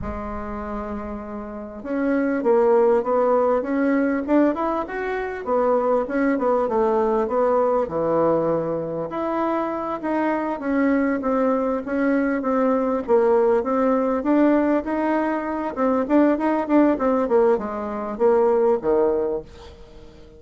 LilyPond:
\new Staff \with { instrumentName = "bassoon" } { \time 4/4 \tempo 4 = 99 gis2. cis'4 | ais4 b4 cis'4 d'8 e'8 | fis'4 b4 cis'8 b8 a4 | b4 e2 e'4~ |
e'8 dis'4 cis'4 c'4 cis'8~ | cis'8 c'4 ais4 c'4 d'8~ | d'8 dis'4. c'8 d'8 dis'8 d'8 | c'8 ais8 gis4 ais4 dis4 | }